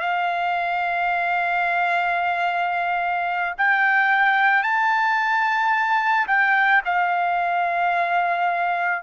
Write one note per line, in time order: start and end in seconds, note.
0.00 3.55 F5
3.58 4.63 G5
4.63 6.26 A5
6.27 6.82 G5
6.85 9.02 F5